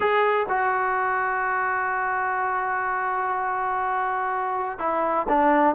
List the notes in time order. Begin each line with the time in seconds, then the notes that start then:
0.00 G#4
0.48 F#4
4.78 E4
5.28 D4